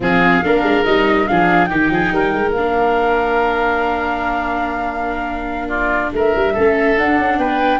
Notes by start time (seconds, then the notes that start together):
0.00 F3 C4 G#4 F5
0.43 A#3 D4 A#4
0.62 G#3
0.84 G3 D#4 D#5
1.27 F3 D4 G#4 F5
1.65 D#3 D#4 G4 G5
1.89 F3 G#4
2.12 G3 A#4
2.33 G#3
2.52 A#3 D4 F5
5.67 F4 D5
6.12 A3 A#4 E5
6.35 G3
6.53 A3 C#4 A4
6.97 D4 F#5
7.18 C#4
7.38 B3 B4 G5